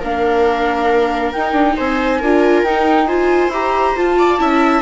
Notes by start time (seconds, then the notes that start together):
0.00 A#3 D4 A#4 F5
1.33 D#4 G5
1.53 D4
1.77 C4 C5 G#5
2.19 D4 F4 A#4
2.64 D#4 G5
3.07 F4 C5 G#5
3.49 E4 G4 A#5
3.96 F4 A5
4.19 D5
4.38 C#4 E4 E5